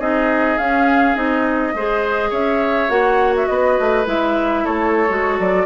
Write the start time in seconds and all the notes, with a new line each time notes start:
0.00 C4 D#4 G#4 D#5
0.58 C#4 F5
1.15 C4 D#4 D#5
1.74 G#3 G#4 C5
2.30 C#4 C#5 E5
2.89 A#3 F#4 F#5
3.36 E5
3.47 B3 B4 D#5
3.80 A3
4.05 G#3 E4 E5
4.64 A3 A4 C#5
5.09 G#3 F#4
5.39 F#3 D5